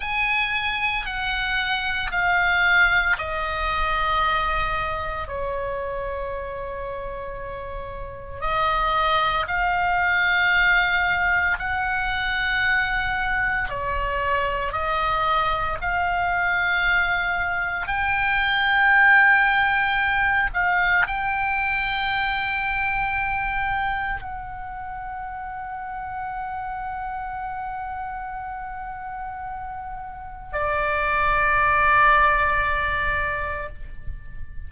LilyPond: \new Staff \with { instrumentName = "oboe" } { \time 4/4 \tempo 4 = 57 gis''4 fis''4 f''4 dis''4~ | dis''4 cis''2. | dis''4 f''2 fis''4~ | fis''4 cis''4 dis''4 f''4~ |
f''4 g''2~ g''8 f''8 | g''2. fis''4~ | fis''1~ | fis''4 d''2. | }